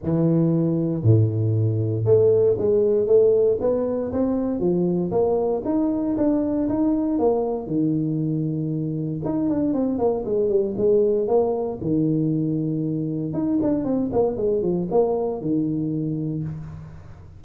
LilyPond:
\new Staff \with { instrumentName = "tuba" } { \time 4/4 \tempo 4 = 117 e2 a,2 | a4 gis4 a4 b4 | c'4 f4 ais4 dis'4 | d'4 dis'4 ais4 dis4~ |
dis2 dis'8 d'8 c'8 ais8 | gis8 g8 gis4 ais4 dis4~ | dis2 dis'8 d'8 c'8 ais8 | gis8 f8 ais4 dis2 | }